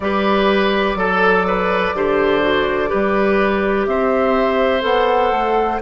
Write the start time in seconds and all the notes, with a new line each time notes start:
0.00 G3 G4 B4 D5
0.94 F#3 A4
1.47 B4
1.94 D3 G4 C5
2.41 F#4
2.87 G4 B4
2.93 G3
3.85 C4 C5 E5
4.80 B3 A4 F#5
5.31 A3